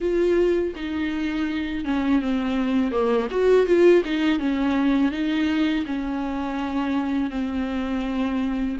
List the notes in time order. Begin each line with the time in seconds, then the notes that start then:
0.00 F4
0.75 D#4
1.85 C#4
2.21 C4
2.91 A#3
3.30 F#4
3.66 F4
4.04 D#4
4.39 C#4
5.11 D#4
5.85 C#4
7.30 C4